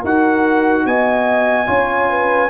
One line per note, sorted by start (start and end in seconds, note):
0.00 0.86 D#4
0.00 1.67 F#4
0.00 0.82 A#4
0.00 0.86 F#5
0.86 1.68 B3
0.86 1.68 D#5
0.86 2.50 G#5
1.67 2.50 C#4
1.67 2.49 F4
1.67 2.09 C#5
2.10 2.50 B4